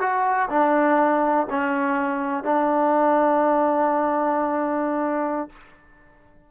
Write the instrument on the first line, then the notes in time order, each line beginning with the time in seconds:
trombone
0.00 F#4
0.49 D4
1.49 C#4
2.44 D4